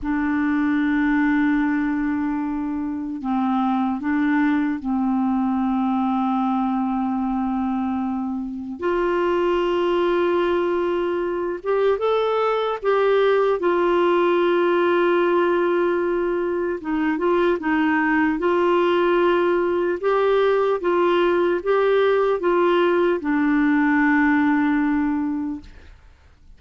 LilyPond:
\new Staff \with { instrumentName = "clarinet" } { \time 4/4 \tempo 4 = 75 d'1 | c'4 d'4 c'2~ | c'2. f'4~ | f'2~ f'8 g'8 a'4 |
g'4 f'2.~ | f'4 dis'8 f'8 dis'4 f'4~ | f'4 g'4 f'4 g'4 | f'4 d'2. | }